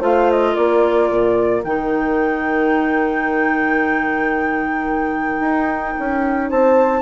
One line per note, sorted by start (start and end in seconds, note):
0.00 0.55 A3
0.00 1.62 F4
0.00 0.53 C5
0.00 0.31 F5
0.31 0.55 D#5
0.53 1.11 A#3
0.53 6.48 A#4
0.53 1.63 D5
1.11 1.64 A#2
1.64 5.41 D#3
1.64 7.02 D#4
1.64 6.50 G5
5.41 5.95 D#4
5.99 6.51 C#4
6.50 7.02 C4
6.50 7.02 C5
6.50 7.02 A5